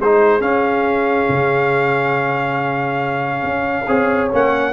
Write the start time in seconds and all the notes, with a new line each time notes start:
0.00 G#3 D#4 G#4 C5
0.41 C#4 F5
1.29 C#3
3.44 C#4
3.87 C4 G#4 C#5
4.32 A#3 C#4 F#5